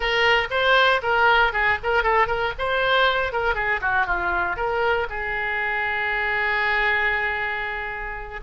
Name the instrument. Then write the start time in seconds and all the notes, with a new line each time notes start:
oboe
0.00 A#4
0.50 C5
1.02 A#4
1.53 G#4
1.83 A#4
2.03 A4
2.27 A#4
2.58 C5
3.32 A#4
3.55 G#4
3.81 F#4
4.06 F4
4.56 A#4
5.09 G#4